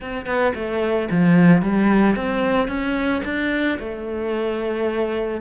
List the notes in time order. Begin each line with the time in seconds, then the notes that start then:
0.00 C4
0.26 B3
0.54 A3
1.10 F3
1.61 G3
2.15 C4
2.68 C#4
3.24 D4
3.79 A3